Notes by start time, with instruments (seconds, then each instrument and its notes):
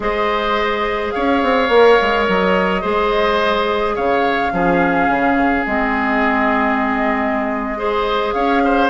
0.00 bassoon G#3, clarinet G#4, oboe C5, flute D#5
1.11 bassoon C#4, oboe C#5, flute F5
1.42 bassoon C4
1.68 bassoon A#3, clarinet A#4
2.01 bassoon G#3
2.28 bassoon F#3, flute D#5
2.81 bassoon G#3, clarinet G#4, oboe C5
3.95 bassoon C#3, oboe C#5, flute F5
4.52 bassoon F3, clarinet C#4, oboe G#4
5.08 bassoon C#3
5.64 bassoon G#3, clarinet C4, flute D#5
7.77 clarinet G#4, oboe C5
8.33 bassoon C#4, oboe C#5, flute F5
8.64 oboe C5